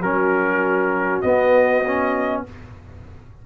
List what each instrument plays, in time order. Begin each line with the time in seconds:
0.00 tuba F#3, trombone C#4, horn F#4, trumpet A#4
1.22 trombone B3, tuba B3, trumpet D#5
1.86 trombone C#4